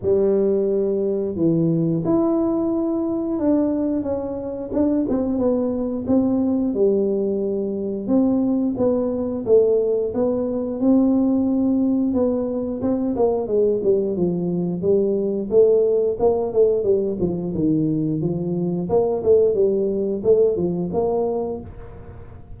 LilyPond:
\new Staff \with { instrumentName = "tuba" } { \time 4/4 \tempo 4 = 89 g2 e4 e'4~ | e'4 d'4 cis'4 d'8 c'8 | b4 c'4 g2 | c'4 b4 a4 b4 |
c'2 b4 c'8 ais8 | gis8 g8 f4 g4 a4 | ais8 a8 g8 f8 dis4 f4 | ais8 a8 g4 a8 f8 ais4 | }